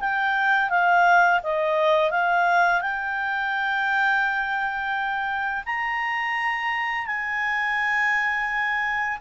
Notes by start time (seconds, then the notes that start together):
0.00 G5
0.70 F5
1.43 D#5
2.11 F5
2.81 G5
5.66 A#5
7.07 G#5